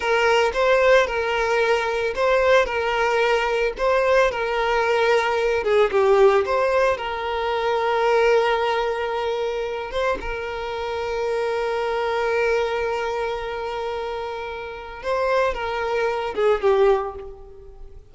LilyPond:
\new Staff \with { instrumentName = "violin" } { \time 4/4 \tempo 4 = 112 ais'4 c''4 ais'2 | c''4 ais'2 c''4 | ais'2~ ais'8 gis'8 g'4 | c''4 ais'2.~ |
ais'2~ ais'8 c''8 ais'4~ | ais'1~ | ais'1 | c''4 ais'4. gis'8 g'4 | }